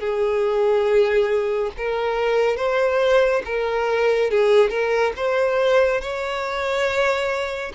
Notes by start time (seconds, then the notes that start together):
0.00 G#4
1.77 A#4
2.56 C5
3.45 A#4
4.31 G#4
4.70 A#4
5.16 C5
6.01 C#5